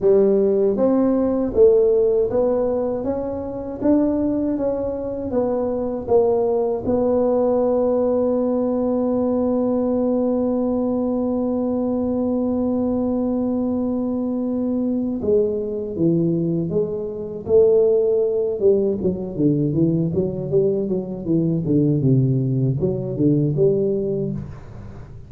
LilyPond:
\new Staff \with { instrumentName = "tuba" } { \time 4/4 \tempo 4 = 79 g4 c'4 a4 b4 | cis'4 d'4 cis'4 b4 | ais4 b2.~ | b1~ |
b1 | gis4 e4 gis4 a4~ | a8 g8 fis8 d8 e8 fis8 g8 fis8 | e8 d8 c4 fis8 d8 g4 | }